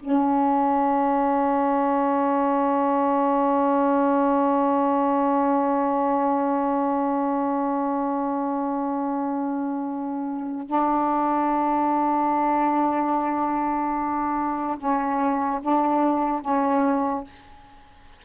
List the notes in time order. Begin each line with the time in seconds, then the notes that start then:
0.00 C#4
10.67 D4
14.78 C#4
15.62 D4
16.42 C#4